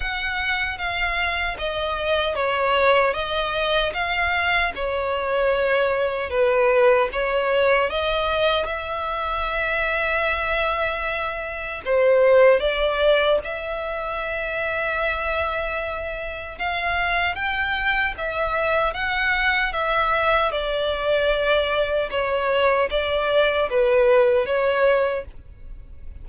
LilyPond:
\new Staff \with { instrumentName = "violin" } { \time 4/4 \tempo 4 = 76 fis''4 f''4 dis''4 cis''4 | dis''4 f''4 cis''2 | b'4 cis''4 dis''4 e''4~ | e''2. c''4 |
d''4 e''2.~ | e''4 f''4 g''4 e''4 | fis''4 e''4 d''2 | cis''4 d''4 b'4 cis''4 | }